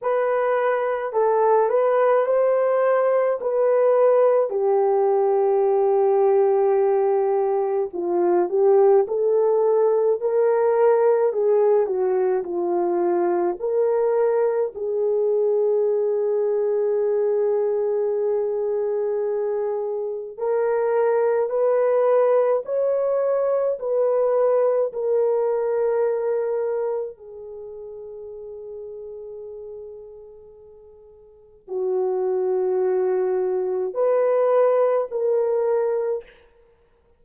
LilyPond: \new Staff \with { instrumentName = "horn" } { \time 4/4 \tempo 4 = 53 b'4 a'8 b'8 c''4 b'4 | g'2. f'8 g'8 | a'4 ais'4 gis'8 fis'8 f'4 | ais'4 gis'2.~ |
gis'2 ais'4 b'4 | cis''4 b'4 ais'2 | gis'1 | fis'2 b'4 ais'4 | }